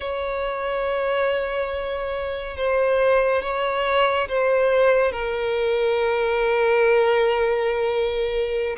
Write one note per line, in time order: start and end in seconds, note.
0.00 2.56 C#5
2.56 3.42 C5
3.42 4.27 C#5
4.28 5.12 C5
5.12 8.76 A#4